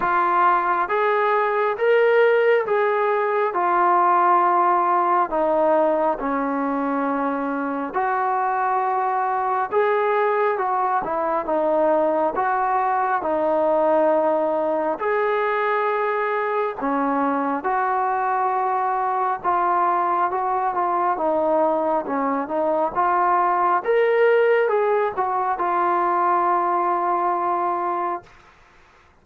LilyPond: \new Staff \with { instrumentName = "trombone" } { \time 4/4 \tempo 4 = 68 f'4 gis'4 ais'4 gis'4 | f'2 dis'4 cis'4~ | cis'4 fis'2 gis'4 | fis'8 e'8 dis'4 fis'4 dis'4~ |
dis'4 gis'2 cis'4 | fis'2 f'4 fis'8 f'8 | dis'4 cis'8 dis'8 f'4 ais'4 | gis'8 fis'8 f'2. | }